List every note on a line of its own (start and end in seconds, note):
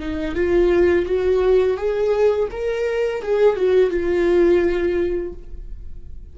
0.00 0.35 D#4
0.35 1.06 F4
1.06 1.77 F#4
1.77 2.48 G#4
2.51 3.22 A#4
3.22 3.56 G#4
3.56 3.90 F#4
3.90 5.33 F4